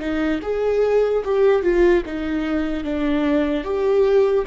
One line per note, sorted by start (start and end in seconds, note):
0.00 0.41 D#4
0.43 1.24 G#4
1.25 1.63 G4
1.63 2.03 F4
2.06 2.85 D#4
2.85 3.64 D4
3.64 4.46 G4